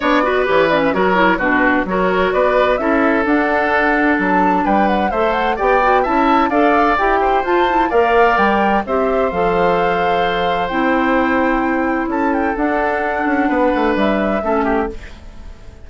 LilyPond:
<<
  \new Staff \with { instrumentName = "flute" } { \time 4/4 \tempo 4 = 129 d''4 cis''8 d''16 e''16 cis''4 b'4 | cis''4 d''4 e''4 fis''4~ | fis''4 a''4 g''8 fis''8 e''8 fis''8 | g''4 a''4 f''4 g''4 |
a''4 f''4 g''4 e''4 | f''2. g''4~ | g''2 a''8 g''8 fis''4~ | fis''2 e''2 | }
  \new Staff \with { instrumentName = "oboe" } { \time 4/4 cis''8 b'4. ais'4 fis'4 | ais'4 b'4 a'2~ | a'2 b'4 c''4 | d''4 e''4 d''4. c''8~ |
c''4 d''2 c''4~ | c''1~ | c''2 a'2~ | a'4 b'2 a'8 g'8 | }
  \new Staff \with { instrumentName = "clarinet" } { \time 4/4 d'8 fis'8 g'8 cis'8 fis'8 e'8 d'4 | fis'2 e'4 d'4~ | d'2. a'4 | g'8 fis'8 e'4 a'4 g'4 |
f'8 e'8 ais'2 g'4 | a'2. e'4~ | e'2. d'4~ | d'2. cis'4 | }
  \new Staff \with { instrumentName = "bassoon" } { \time 4/4 b4 e4 fis4 b,4 | fis4 b4 cis'4 d'4~ | d'4 fis4 g4 a4 | b4 cis'4 d'4 e'4 |
f'4 ais4 g4 c'4 | f2. c'4~ | c'2 cis'4 d'4~ | d'8 cis'8 b8 a8 g4 a4 | }
>>